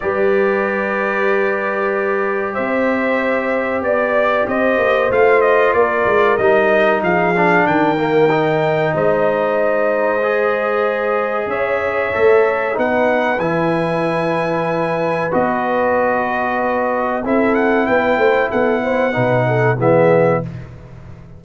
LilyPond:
<<
  \new Staff \with { instrumentName = "trumpet" } { \time 4/4 \tempo 4 = 94 d''1 | e''2 d''4 dis''4 | f''8 dis''8 d''4 dis''4 f''4 | g''2 dis''2~ |
dis''2 e''2 | fis''4 gis''2. | dis''2. e''8 fis''8 | g''4 fis''2 e''4 | }
  \new Staff \with { instrumentName = "horn" } { \time 4/4 b'1 | c''2 d''4 c''4~ | c''4 ais'2 gis'4 | ais'2 c''2~ |
c''2 cis''2 | b'1~ | b'2. a'4 | b'8 c''8 a'8 c''8 b'8 a'8 gis'4 | }
  \new Staff \with { instrumentName = "trombone" } { \time 4/4 g'1~ | g'1 | f'2 dis'4. d'8~ | d'8 ais8 dis'2. |
gis'2. a'4 | dis'4 e'2. | fis'2. e'4~ | e'2 dis'4 b4 | }
  \new Staff \with { instrumentName = "tuba" } { \time 4/4 g1 | c'2 b4 c'8 ais8 | a4 ais8 gis8 g4 f4 | dis2 gis2~ |
gis2 cis'4 a4 | b4 e2. | b2. c'4 | b8 a8 b4 b,4 e4 | }
>>